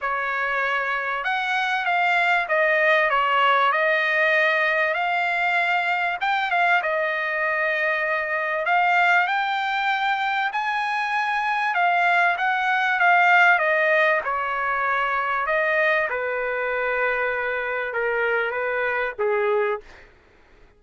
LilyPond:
\new Staff \with { instrumentName = "trumpet" } { \time 4/4 \tempo 4 = 97 cis''2 fis''4 f''4 | dis''4 cis''4 dis''2 | f''2 g''8 f''8 dis''4~ | dis''2 f''4 g''4~ |
g''4 gis''2 f''4 | fis''4 f''4 dis''4 cis''4~ | cis''4 dis''4 b'2~ | b'4 ais'4 b'4 gis'4 | }